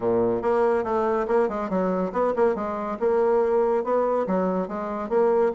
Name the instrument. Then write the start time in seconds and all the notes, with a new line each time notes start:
bassoon
0.00 A#2
0.42 A#3
0.83 A3
1.27 A#3
1.49 G#3
1.69 F#3
2.12 B3
2.35 A#3
2.55 G#3
2.99 A#3
3.84 B3
4.26 F#3
4.68 G#3
5.09 A#3